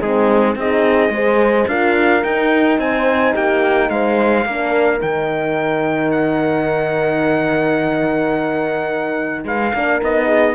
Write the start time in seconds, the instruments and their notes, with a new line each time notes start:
0.00 cello G#3, horn C4 D#4, trumpet G#4
0.56 cello C4, horn D#4 G#4, trumpet D#5
1.09 cello G#3, horn G#4 C5
1.68 cello D4, horn F4 A#4, trumpet F5
2.23 horn D#4, cello D#4, trumpet G5
2.79 cello C4, horn C5, trumpet G#5
3.33 cello A#3, horn G4, trumpet G5
3.90 cello G#3, horn C5, trumpet F5
4.46 cello A#3, horn D4 A#4
5.00 cello D#3, horn D#4, trumpet G5
6.12 trumpet F#5
9.45 cello G#3, horn B4, trumpet F5
9.74 cello A#3, horn D4 A#4
10.02 cello B3, horn D#4, trumpet D#5
10.27 horn G#4